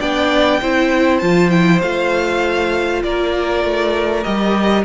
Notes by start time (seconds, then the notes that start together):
0.00 B3 D4 D5 G5
0.62 C4 E4 C5
1.19 F3 F4 A5
1.50 E4 G5
1.82 A3 F4 F5
3.03 A#3 A#4 D5
3.64 A3
4.24 G3 G4 D#5